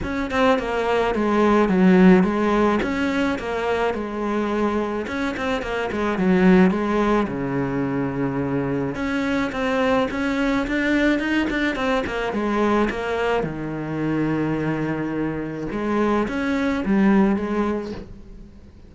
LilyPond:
\new Staff \with { instrumentName = "cello" } { \time 4/4 \tempo 4 = 107 cis'8 c'8 ais4 gis4 fis4 | gis4 cis'4 ais4 gis4~ | gis4 cis'8 c'8 ais8 gis8 fis4 | gis4 cis2. |
cis'4 c'4 cis'4 d'4 | dis'8 d'8 c'8 ais8 gis4 ais4 | dis1 | gis4 cis'4 g4 gis4 | }